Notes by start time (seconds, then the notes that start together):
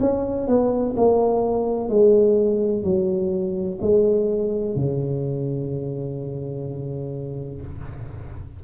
0.00 C#4
0.47 B3
0.97 A#3
1.89 G#3
2.83 F#3
3.81 G#3
4.75 C#3